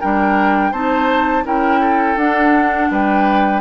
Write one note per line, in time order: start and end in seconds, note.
0.00 0.72 G3
0.00 0.73 D4
0.00 0.71 A#4
0.00 0.72 G5
0.71 1.44 C4
0.71 1.44 D#4
0.71 1.43 C5
0.71 1.44 A5
1.44 2.16 C#4
1.44 2.16 E4
1.44 1.80 A#4
1.44 2.18 G5
1.80 2.89 A4
2.16 2.88 D4
2.16 3.61 D4
2.16 2.90 F#5
2.90 3.61 G3
2.90 3.61 B4
2.90 3.61 G5